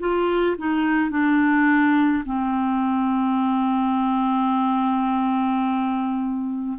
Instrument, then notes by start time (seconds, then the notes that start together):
clarinet
0.00 F4
0.58 D#4
1.11 D4
2.26 C4